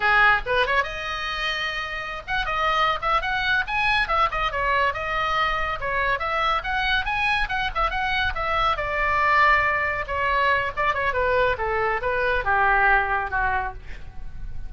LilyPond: \new Staff \with { instrumentName = "oboe" } { \time 4/4 \tempo 4 = 140 gis'4 b'8 cis''8 dis''2~ | dis''4~ dis''16 fis''8 dis''4~ dis''16 e''8 fis''8~ | fis''8 gis''4 e''8 dis''8 cis''4 dis''8~ | dis''4. cis''4 e''4 fis''8~ |
fis''8 gis''4 fis''8 e''8 fis''4 e''8~ | e''8 d''2. cis''8~ | cis''4 d''8 cis''8 b'4 a'4 | b'4 g'2 fis'4 | }